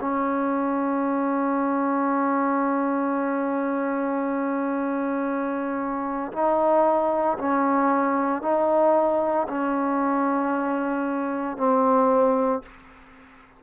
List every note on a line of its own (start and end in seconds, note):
0.00 6.32 C#4
6.32 7.37 D#4
7.38 8.42 C#4
8.42 9.47 D#4
9.48 11.57 C#4
11.57 12.62 C4